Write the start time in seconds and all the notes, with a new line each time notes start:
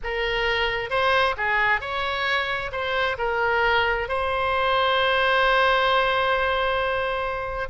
0.03 A#4
0.90 C5
1.37 G#4
1.80 C#5
2.71 C5
3.18 A#4
4.08 C5